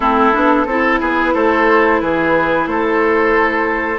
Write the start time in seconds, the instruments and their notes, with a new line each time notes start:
0.00 bassoon A3, clarinet C4, oboe E4, flute A4
0.32 bassoon B3, clarinet D4
0.66 bassoon C4, clarinet E4, oboe A4
1.00 bassoon B3, oboe G#4, flute B4
1.33 bassoon A3, oboe A4, flute C5
2.00 bassoon E3, oboe G#4, flute B4
2.66 bassoon A3, oboe A4, flute C5